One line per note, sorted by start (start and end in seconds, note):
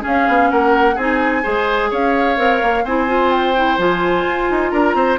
0.00 0.94 C#4
0.00 0.28 C#4
0.00 0.48 G#4
0.07 0.50 F5
0.28 0.51 B3
0.50 0.96 A#3
0.50 0.95 A#4
0.50 0.97 F#5
0.95 1.43 C4
0.95 1.43 D#4
0.95 1.42 G#4
0.95 1.91 G#5
1.43 1.91 G#3
1.43 2.36 G#4
1.43 1.90 C5
1.90 2.38 C#4
1.90 2.84 C#5
1.90 2.85 F5
2.36 2.61 C4
2.36 2.83 A#4
2.62 2.84 A#3
2.84 3.77 C4
2.84 3.07 E4
2.84 4.71 C5
2.84 3.31 G#5
3.07 3.54 F4
3.31 3.78 G5
3.56 3.78 E4
3.77 4.24 F3
3.77 5.19 F4
3.77 4.70 G#5
4.26 4.50 F4
4.50 4.72 D#4
4.70 4.94 D4
4.70 4.95 A#4
4.70 5.17 A#5
4.94 5.17 C4
4.94 5.19 C5